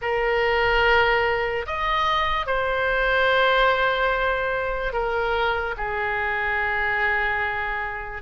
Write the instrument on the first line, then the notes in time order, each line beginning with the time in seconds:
oboe
0.01 A#4
1.66 D#5
2.46 C5
4.92 A#4
5.77 G#4